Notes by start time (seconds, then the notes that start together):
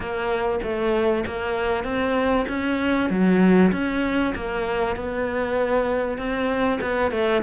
0.00 A#3
0.63 A3
1.26 A#3
1.84 C4
2.48 C#4
3.09 F#3
3.72 C#4
4.35 A#3
4.95 B3
6.17 C4
6.81 B3
7.11 A3